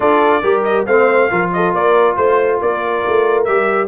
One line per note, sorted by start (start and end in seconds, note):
0.00 0.42 D4
0.00 0.42 F4
0.00 0.42 A4
0.00 0.63 D5
0.42 0.86 G3
0.42 0.86 G4
0.42 0.85 A#4
0.63 0.85 D#5
0.86 1.30 A3
0.86 1.30 C4
0.86 1.29 C5
0.86 1.51 F5
1.30 1.72 F3
1.30 3.47 F4
1.30 1.51 A#4
1.52 1.76 A4
1.52 1.74 D#5
1.72 2.16 A#3
1.72 2.16 A#4
1.72 2.16 D5
2.16 2.60 A3
2.16 2.59 C5
2.60 3.05 A#3
2.60 3.88 A#4
2.60 3.44 D5
3.06 3.47 A3
3.44 3.88 G3
3.44 3.88 G4
3.44 3.87 E5